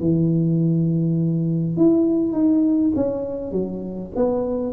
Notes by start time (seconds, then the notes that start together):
0.00 E3
1.77 E4
2.32 D#4
2.95 C#4
3.51 F#3
4.15 B3